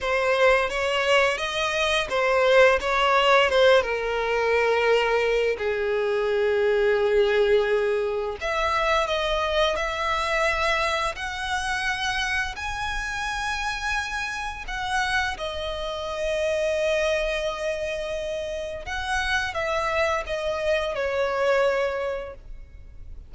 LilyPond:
\new Staff \with { instrumentName = "violin" } { \time 4/4 \tempo 4 = 86 c''4 cis''4 dis''4 c''4 | cis''4 c''8 ais'2~ ais'8 | gis'1 | e''4 dis''4 e''2 |
fis''2 gis''2~ | gis''4 fis''4 dis''2~ | dis''2. fis''4 | e''4 dis''4 cis''2 | }